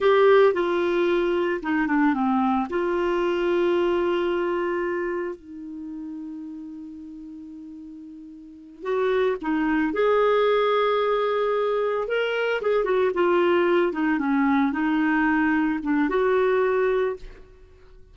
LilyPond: \new Staff \with { instrumentName = "clarinet" } { \time 4/4 \tempo 4 = 112 g'4 f'2 dis'8 d'8 | c'4 f'2.~ | f'2 dis'2~ | dis'1~ |
dis'8 fis'4 dis'4 gis'4.~ | gis'2~ gis'8 ais'4 gis'8 | fis'8 f'4. dis'8 cis'4 dis'8~ | dis'4. d'8 fis'2 | }